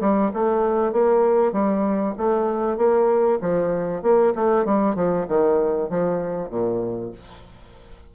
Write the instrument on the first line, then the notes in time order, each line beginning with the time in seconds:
bassoon
0.00 G3
0.33 A3
0.92 A#3
1.52 G3
2.17 A3
2.77 A#3
3.41 F3
4.02 A#3
4.35 A3
4.64 G3
4.95 F3
5.27 D#3
5.89 F3
6.49 A#2